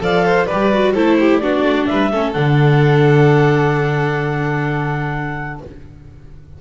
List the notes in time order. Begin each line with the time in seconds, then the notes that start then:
0.00 F3 A4 D5 F5
0.25 C5
0.46 G3 G4 B4 D5
0.72 F#4
0.94 A3 E4 A4 C5
1.19 G4
1.38 B3 D4 F#4 D5
1.62 A3
1.86 G3 B4 E5
2.12 A3 C#4 A4
2.33 D3 D4 F#5